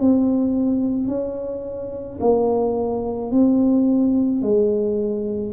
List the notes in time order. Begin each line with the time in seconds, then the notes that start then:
0.00 C4
1.08 C#4
2.21 A#3
3.31 C4
4.42 G#3